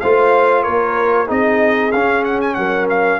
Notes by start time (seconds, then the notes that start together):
0.00 A3 F4 C5 F5
0.63 A#3 A#4 C#5
1.27 C4 D#4 G#4 D#5
1.92 C#4 F5
2.24 F#5
2.41 G#5
2.55 F#3 A#4 F#5
2.89 F5